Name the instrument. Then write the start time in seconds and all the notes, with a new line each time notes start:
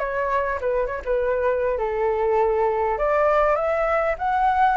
flute
0.00 C#5
0.61 B4
0.87 C#5
1.05 B4
1.78 A4
2.98 D5
3.56 E5
4.19 F#5